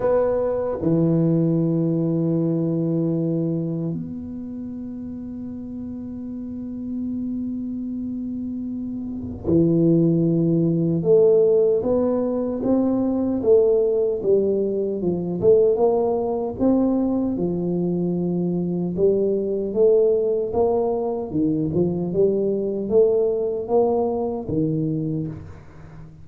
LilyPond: \new Staff \with { instrumentName = "tuba" } { \time 4/4 \tempo 4 = 76 b4 e2.~ | e4 b2.~ | b1 | e2 a4 b4 |
c'4 a4 g4 f8 a8 | ais4 c'4 f2 | g4 a4 ais4 dis8 f8 | g4 a4 ais4 dis4 | }